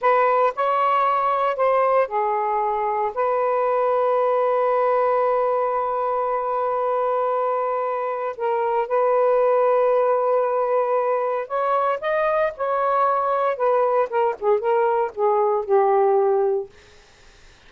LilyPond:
\new Staff \with { instrumentName = "saxophone" } { \time 4/4 \tempo 4 = 115 b'4 cis''2 c''4 | gis'2 b'2~ | b'1~ | b'1 |
ais'4 b'2.~ | b'2 cis''4 dis''4 | cis''2 b'4 ais'8 gis'8 | ais'4 gis'4 g'2 | }